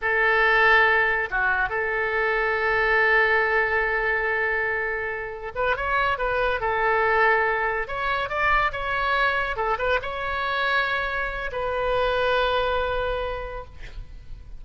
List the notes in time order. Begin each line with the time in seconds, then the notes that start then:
0.01 A4
1.30 F#4
1.69 A4
5.55 B4
5.76 C#5
6.18 B4
6.60 A4
7.87 C#5
8.29 D5
8.72 C#5
9.56 A4
9.78 B4
10.02 C#5
11.52 B4